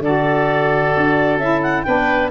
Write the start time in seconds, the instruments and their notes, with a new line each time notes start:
0.00 tuba D3, saxophone F#4, oboe A4, clarinet D5
0.97 tuba D4
1.38 tuba C#4, saxophone E4, clarinet E5
1.62 clarinet F#5
1.83 tuba B3, saxophone D4, oboe B4, clarinet G5